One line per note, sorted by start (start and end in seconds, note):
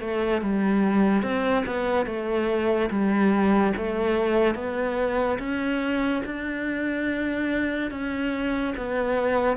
0.00 0.41 A3
0.41 1.22 G3
1.22 1.64 C4
1.66 2.06 B3
2.06 2.89 A3
2.90 3.73 G3
3.77 4.55 A3
4.55 5.38 B3
5.39 6.22 C#4
6.25 7.91 D4
7.91 8.74 C#4
8.77 9.56 B3